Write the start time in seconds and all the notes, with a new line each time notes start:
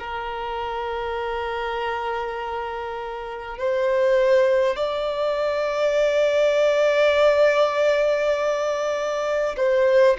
0.00 A#4
3.58 C5
4.77 D5
9.57 C5